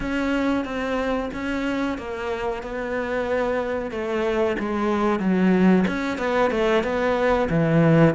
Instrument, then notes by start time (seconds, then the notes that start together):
cello
0.00 C#4
0.65 C4
1.33 C#4
1.97 A#3
2.62 B3
3.91 A3
4.59 G#3
5.19 F#3
5.87 C#4
6.18 B3
6.50 A3
6.83 B3
7.49 E3